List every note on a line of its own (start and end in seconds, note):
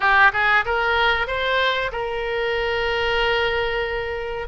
0.00 0.32 G4
0.32 0.64 G#4
0.65 1.27 A#4
1.27 1.91 C5
1.92 4.47 A#4